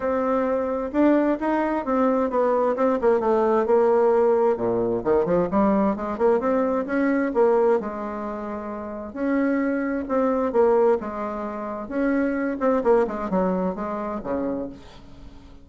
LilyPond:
\new Staff \with { instrumentName = "bassoon" } { \time 4/4 \tempo 4 = 131 c'2 d'4 dis'4 | c'4 b4 c'8 ais8 a4 | ais2 ais,4 dis8 f8 | g4 gis8 ais8 c'4 cis'4 |
ais4 gis2. | cis'2 c'4 ais4 | gis2 cis'4. c'8 | ais8 gis8 fis4 gis4 cis4 | }